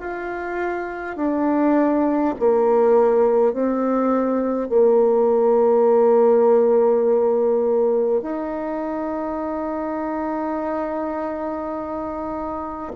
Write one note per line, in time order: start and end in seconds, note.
0.00 1.17 F4
1.17 2.34 D4
2.39 3.53 A#3
3.53 4.69 C4
4.69 8.21 A#3
8.21 12.92 D#4